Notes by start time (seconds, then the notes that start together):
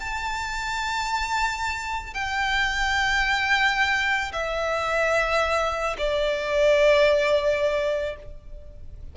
0.00 A5
2.14 G5
4.32 E5
5.98 D5